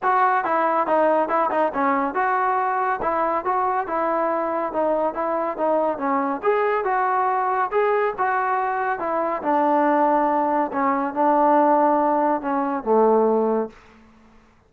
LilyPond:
\new Staff \with { instrumentName = "trombone" } { \time 4/4 \tempo 4 = 140 fis'4 e'4 dis'4 e'8 dis'8 | cis'4 fis'2 e'4 | fis'4 e'2 dis'4 | e'4 dis'4 cis'4 gis'4 |
fis'2 gis'4 fis'4~ | fis'4 e'4 d'2~ | d'4 cis'4 d'2~ | d'4 cis'4 a2 | }